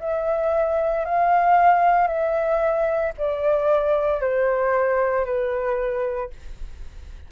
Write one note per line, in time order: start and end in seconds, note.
0.00 1.05 E5
1.05 2.08 F5
2.08 3.13 E5
3.18 4.21 D5
4.21 5.25 C5
5.25 6.31 B4